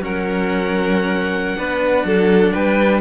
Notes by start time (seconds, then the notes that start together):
0.00 F#3 C#4 A#4 F#5
1.57 B3 D4 B4
2.04 F#3 A4
2.53 G3 B4 G5